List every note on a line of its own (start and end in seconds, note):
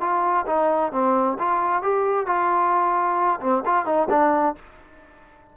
0.00 0.45 F4
0.46 0.92 D#4
0.92 1.37 C4
1.38 1.82 F4
1.82 2.26 G4
2.26 3.40 F4
3.40 3.63 C4
3.65 3.85 F4
3.85 4.08 D#4
4.09 4.55 D4